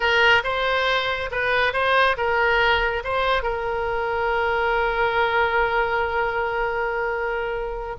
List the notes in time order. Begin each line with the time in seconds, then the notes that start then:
0.00 A#4
0.43 C5
1.31 B4
1.73 C5
2.17 A#4
3.04 C5
3.43 A#4